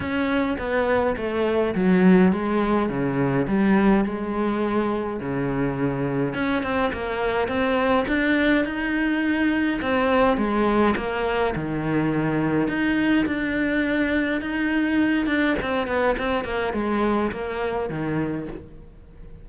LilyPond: \new Staff \with { instrumentName = "cello" } { \time 4/4 \tempo 4 = 104 cis'4 b4 a4 fis4 | gis4 cis4 g4 gis4~ | gis4 cis2 cis'8 c'8 | ais4 c'4 d'4 dis'4~ |
dis'4 c'4 gis4 ais4 | dis2 dis'4 d'4~ | d'4 dis'4. d'8 c'8 b8 | c'8 ais8 gis4 ais4 dis4 | }